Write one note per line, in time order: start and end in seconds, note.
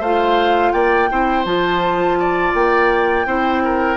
0.00 0.72 A3
0.00 1.09 F4
0.00 0.72 C5
0.00 0.72 F5
0.72 1.09 A#3
0.72 1.09 D5
0.72 1.45 G5
1.09 1.45 C4
1.09 1.45 E4
1.09 2.19 C5
1.45 2.53 F3
1.45 3.26 F4
1.45 2.54 A5
2.19 3.27 D5
2.54 3.26 A#3
2.54 3.97 G5
3.26 3.97 C4
3.26 3.97 E4
3.26 3.63 C5
3.64 3.97 A#4